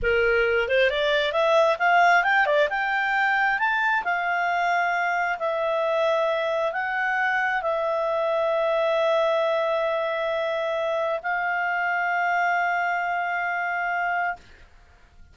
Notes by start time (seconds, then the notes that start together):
0.02 A#4
0.68 C5
0.90 D5
1.32 E5
1.78 F5
2.23 G5
2.46 D5
2.69 G5
3.59 A5
4.04 F5
5.38 E5
6.72 F#5
7.62 E5
11.22 F5